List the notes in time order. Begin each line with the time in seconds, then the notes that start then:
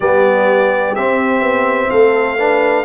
0.00 G3 B3 G4 D5
0.95 C4 E5
1.41 B3
1.90 A3 A4 F5
2.37 D4 B4